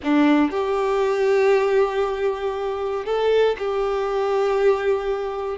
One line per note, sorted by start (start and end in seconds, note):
0.03 0.51 D4
0.51 3.05 G4
3.05 3.56 A4
3.58 5.58 G4